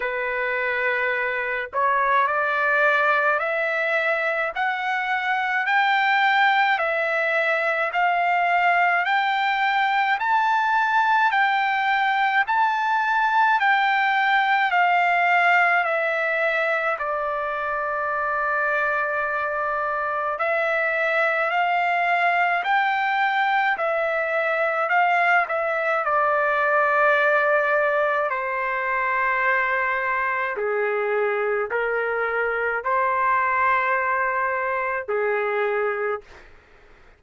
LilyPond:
\new Staff \with { instrumentName = "trumpet" } { \time 4/4 \tempo 4 = 53 b'4. cis''8 d''4 e''4 | fis''4 g''4 e''4 f''4 | g''4 a''4 g''4 a''4 | g''4 f''4 e''4 d''4~ |
d''2 e''4 f''4 | g''4 e''4 f''8 e''8 d''4~ | d''4 c''2 gis'4 | ais'4 c''2 gis'4 | }